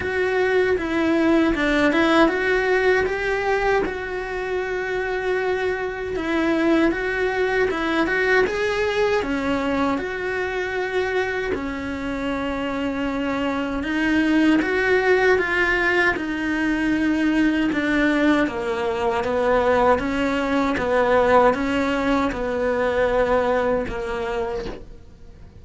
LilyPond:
\new Staff \with { instrumentName = "cello" } { \time 4/4 \tempo 4 = 78 fis'4 e'4 d'8 e'8 fis'4 | g'4 fis'2. | e'4 fis'4 e'8 fis'8 gis'4 | cis'4 fis'2 cis'4~ |
cis'2 dis'4 fis'4 | f'4 dis'2 d'4 | ais4 b4 cis'4 b4 | cis'4 b2 ais4 | }